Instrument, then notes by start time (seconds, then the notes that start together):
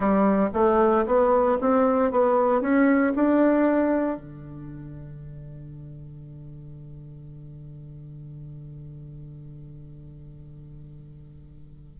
bassoon
0.00 G3
0.53 A3
1.06 B3
1.60 C4
2.11 B3
2.61 C#4
3.15 D4
4.17 D3